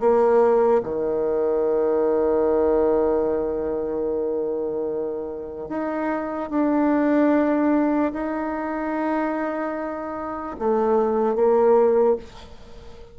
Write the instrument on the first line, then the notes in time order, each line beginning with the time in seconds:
bassoon
0.00 A#3
0.83 D#3
5.69 D#4
6.50 D4
8.13 D#4
10.59 A3
11.35 A#3